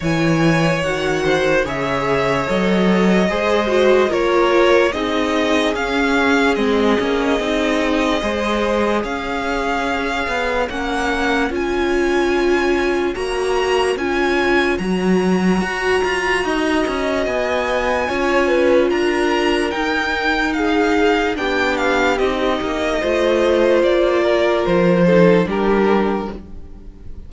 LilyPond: <<
  \new Staff \with { instrumentName = "violin" } { \time 4/4 \tempo 4 = 73 gis''4 fis''4 e''4 dis''4~ | dis''4 cis''4 dis''4 f''4 | dis''2. f''4~ | f''4 fis''4 gis''2 |
ais''4 gis''4 ais''2~ | ais''4 gis''2 ais''4 | g''4 f''4 g''8 f''8 dis''4~ | dis''4 d''4 c''4 ais'4 | }
  \new Staff \with { instrumentName = "violin" } { \time 4/4 cis''4. c''8 cis''2 | c''4 ais'4 gis'2~ | gis'2 c''4 cis''4~ | cis''1~ |
cis''1 | dis''2 cis''8 b'8 ais'4~ | ais'4 gis'4 g'2 | c''4. ais'4 a'8 g'4 | }
  \new Staff \with { instrumentName = "viola" } { \time 4/4 e'4 fis'4 gis'4 a'4 | gis'8 fis'8 f'4 dis'4 cis'4 | c'8 cis'8 dis'4 gis'2~ | gis'4 cis'4 f'2 |
fis'4 f'4 fis'2~ | fis'2 f'2 | dis'2 d'4 dis'4 | f'2~ f'8 dis'8 d'4 | }
  \new Staff \with { instrumentName = "cello" } { \time 4/4 e4 dis4 cis4 fis4 | gis4 ais4 c'4 cis'4 | gis8 ais8 c'4 gis4 cis'4~ | cis'8 b8 ais4 cis'2 |
ais4 cis'4 fis4 fis'8 f'8 | dis'8 cis'8 b4 cis'4 d'4 | dis'2 b4 c'8 ais8 | a4 ais4 f4 g4 | }
>>